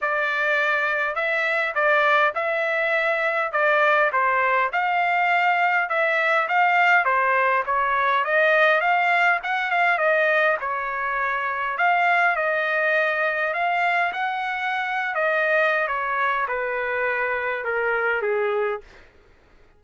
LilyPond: \new Staff \with { instrumentName = "trumpet" } { \time 4/4 \tempo 4 = 102 d''2 e''4 d''4 | e''2 d''4 c''4 | f''2 e''4 f''4 | c''4 cis''4 dis''4 f''4 |
fis''8 f''8 dis''4 cis''2 | f''4 dis''2 f''4 | fis''4.~ fis''16 dis''4~ dis''16 cis''4 | b'2 ais'4 gis'4 | }